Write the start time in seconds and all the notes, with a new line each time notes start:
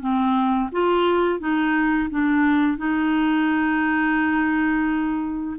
0.00 C4
0.72 F4
1.40 D#4
2.10 D4
2.78 D#4